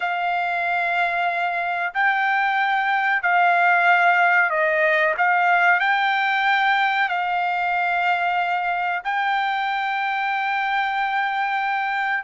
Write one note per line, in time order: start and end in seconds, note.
0.00 1.93 F5
1.94 3.22 G5
3.22 4.50 F5
4.50 5.14 D#5
5.17 5.79 F5
5.79 7.09 G5
7.09 9.02 F5
9.04 12.23 G5